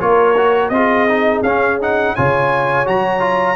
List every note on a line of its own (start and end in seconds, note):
0.00 0.70 A#3
0.00 0.36 F4
0.00 0.73 A#4
0.00 0.69 C#5
0.37 0.73 F#4
0.69 1.42 C4
0.69 1.09 F4
0.69 1.41 D#5
0.76 2.16 G#4
1.09 1.45 D#4
1.43 2.14 C#4
1.43 1.81 C#4
1.43 1.79 F5
1.81 2.17 D#4
1.81 2.16 F#5
2.16 2.88 C#3
2.16 2.86 F4
2.16 3.56 C#5
2.16 2.87 G#5
2.86 3.56 F#3
2.86 3.20 F#4
2.86 3.56 A#5
3.20 3.56 F4